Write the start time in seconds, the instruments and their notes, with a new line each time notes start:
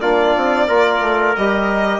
0.00 bassoon A#3, trombone D4, trumpet F4, violin D5
0.36 bassoon C4
0.67 bassoon A#3, trombone F4, trumpet A#4
1.00 bassoon A3
1.36 bassoon G3, trombone G4, violin D#5